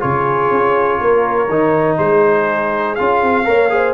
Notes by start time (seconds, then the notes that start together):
0.00 C#3 F4 G#4 C#5
0.51 C#4
1.00 A#3 A#4
1.49 D#3 D#4
1.98 G#3 G#4 C5
2.95 C#4 F4 F5
3.22 C4
3.45 A#3 A#4 C#5
3.70 G#4 C5